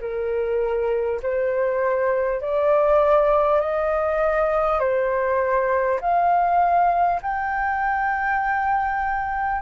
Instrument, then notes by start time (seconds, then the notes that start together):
flute
0.00 A#4
1.22 C5
2.41 D5
3.60 D#5
4.79 C5
6.01 F5
7.22 G5